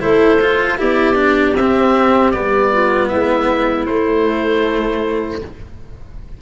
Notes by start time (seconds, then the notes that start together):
0.00 A3 E4 A4 C5
0.41 F4
0.78 B3 E4 G4 D5
1.15 D4
1.56 C4 E5
2.31 G3 B3 D5
2.72 F4
3.08 G#3 E4 E5
3.86 A3 C5